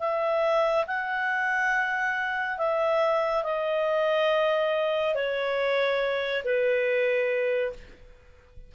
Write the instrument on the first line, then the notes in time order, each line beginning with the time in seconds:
clarinet
0.00 E5
0.87 F#5
2.58 E5
3.44 D#5
5.15 C#5
6.44 B4